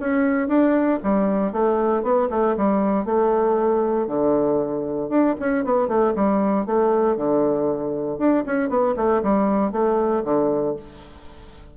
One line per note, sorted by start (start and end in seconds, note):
0.00 0.48 C#4
0.48 0.99 D4
1.03 1.52 G3
1.52 2.03 A3
2.03 2.29 B3
2.30 2.56 A3
2.57 3.05 G3
3.05 4.07 A3
4.07 5.09 D3
5.09 5.35 D4
5.40 5.65 C#4
5.65 5.88 B3
5.88 6.14 A3
6.15 6.66 G3
6.66 7.17 A3
7.17 8.18 D3
8.18 8.44 D4
8.46 8.69 C#4
8.69 8.95 B3
8.96 9.22 A3
9.23 9.72 G3
9.72 10.24 A3
10.25 10.76 D3